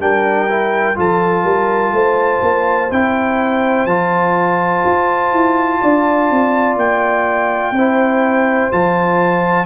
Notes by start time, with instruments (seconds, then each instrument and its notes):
0.00 tuba G3, trombone D4, horn A#4, trumpet G5
0.50 trombone E4
0.96 tuba F3, trombone F4, horn A4, trumpet A5
1.44 tuba G3, horn A#4
1.92 tuba A3, horn C5
2.42 tuba A#3
2.91 tuba C4, trombone E4, trumpet G5
3.86 tuba F3, trombone F4, trumpet A5
4.85 tuba F4
5.33 tuba E4
5.81 tuba D4, horn D5
6.31 tuba C4
6.76 tuba A#3, trumpet G5
7.71 tuba C4, horn C5
7.78 trombone E4
8.72 tuba F3, trombone F4, trumpet A5